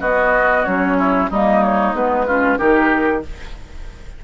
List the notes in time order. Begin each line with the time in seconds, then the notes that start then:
0.00 B3 F#4 D#5
0.65 F#3 C#4 C#5
0.98 E4
1.30 G3 A#3 D#4 D#5
1.63 C#5
1.93 G#3 B3 B4
2.26 C#4 F4
2.58 D#3 D#4 G4 A#4